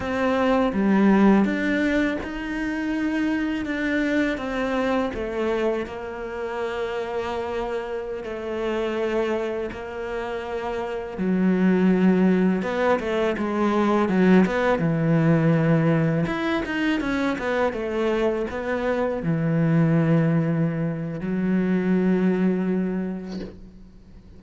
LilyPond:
\new Staff \with { instrumentName = "cello" } { \time 4/4 \tempo 4 = 82 c'4 g4 d'4 dis'4~ | dis'4 d'4 c'4 a4 | ais2.~ ais16 a8.~ | a4~ a16 ais2 fis8.~ |
fis4~ fis16 b8 a8 gis4 fis8 b16~ | b16 e2 e'8 dis'8 cis'8 b16~ | b16 a4 b4 e4.~ e16~ | e4 fis2. | }